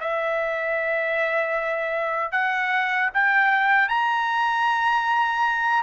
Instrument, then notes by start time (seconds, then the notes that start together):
trumpet
0.00 E5
2.32 F#5
3.14 G5
3.89 A#5